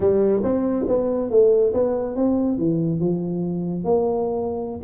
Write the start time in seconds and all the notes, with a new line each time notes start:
0.00 G3
0.43 C4
0.88 B3
1.30 A3
1.73 B3
2.15 C4
2.57 E3
2.99 F3
3.84 A#3